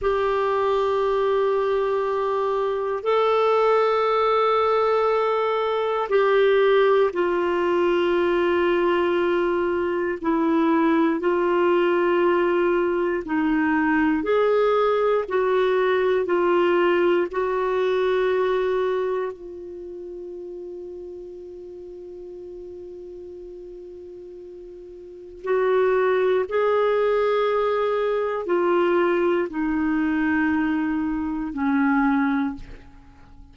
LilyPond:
\new Staff \with { instrumentName = "clarinet" } { \time 4/4 \tempo 4 = 59 g'2. a'4~ | a'2 g'4 f'4~ | f'2 e'4 f'4~ | f'4 dis'4 gis'4 fis'4 |
f'4 fis'2 f'4~ | f'1~ | f'4 fis'4 gis'2 | f'4 dis'2 cis'4 | }